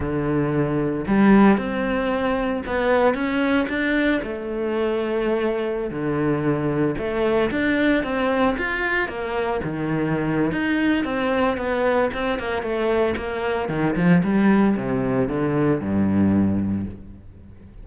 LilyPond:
\new Staff \with { instrumentName = "cello" } { \time 4/4 \tempo 4 = 114 d2 g4 c'4~ | c'4 b4 cis'4 d'4 | a2.~ a16 d8.~ | d4~ d16 a4 d'4 c'8.~ |
c'16 f'4 ais4 dis4.~ dis16 | dis'4 c'4 b4 c'8 ais8 | a4 ais4 dis8 f8 g4 | c4 d4 g,2 | }